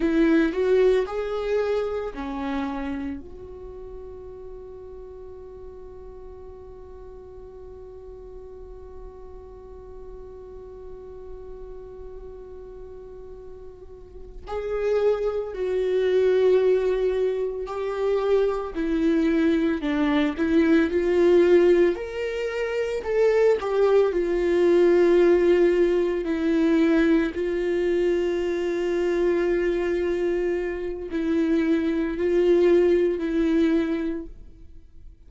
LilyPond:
\new Staff \with { instrumentName = "viola" } { \time 4/4 \tempo 4 = 56 e'8 fis'8 gis'4 cis'4 fis'4~ | fis'1~ | fis'1~ | fis'4. gis'4 fis'4.~ |
fis'8 g'4 e'4 d'8 e'8 f'8~ | f'8 ais'4 a'8 g'8 f'4.~ | f'8 e'4 f'2~ f'8~ | f'4 e'4 f'4 e'4 | }